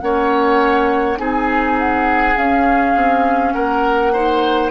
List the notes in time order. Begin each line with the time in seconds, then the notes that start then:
0.00 A#3 C#4 C#5 F#5
1.17 C4 D#4 G#4 G#5
1.79 F#5
2.36 C#4 F5
2.95 C4
3.52 A#3 A#4 F#5
4.13 D#4 C5